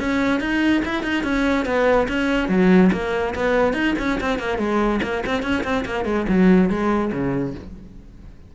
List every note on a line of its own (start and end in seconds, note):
0.00 0.40 C#4
0.40 0.82 D#4
0.85 1.03 E4
1.03 1.24 D#4
1.24 1.66 C#4
1.66 2.08 B3
2.08 2.49 C#4
2.49 2.91 F#3
2.93 3.35 A#3
3.35 3.74 B3
3.74 3.95 D#4
3.99 4.20 C#4
4.21 4.39 C4
4.39 4.58 A#3
4.58 5.00 G#3
5.03 5.24 A#3
5.26 5.43 C4
5.43 5.64 C#4
5.64 5.85 C4
5.86 6.05 A#3
6.05 6.26 G#3
6.29 6.70 F#3
6.70 7.12 G#3
7.13 7.55 C#3